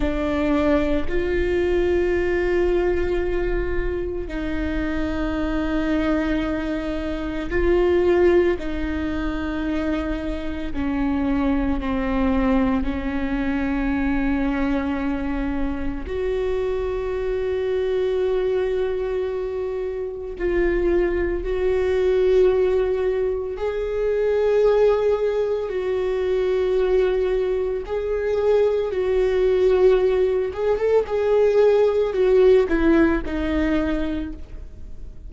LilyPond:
\new Staff \with { instrumentName = "viola" } { \time 4/4 \tempo 4 = 56 d'4 f'2. | dis'2. f'4 | dis'2 cis'4 c'4 | cis'2. fis'4~ |
fis'2. f'4 | fis'2 gis'2 | fis'2 gis'4 fis'4~ | fis'8 gis'16 a'16 gis'4 fis'8 e'8 dis'4 | }